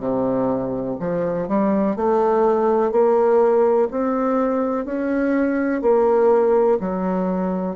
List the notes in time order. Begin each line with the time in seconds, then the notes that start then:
0.00 C3
1.00 F3
1.48 G3
1.96 A3
2.92 A#3
3.91 C4
4.86 C#4
5.82 A#3
6.80 F#3